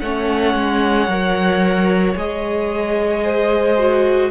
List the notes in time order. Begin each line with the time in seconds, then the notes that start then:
0.00 A3 C#4 C#5 F#5
0.54 G#3
1.07 F#3 A#4
2.15 G#3 G#4 D#5
3.23 C5
3.77 F#4